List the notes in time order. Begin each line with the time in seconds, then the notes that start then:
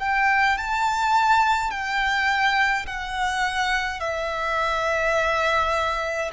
0.00 G5
0.58 A5
1.71 G5
2.87 F#5
4.00 E5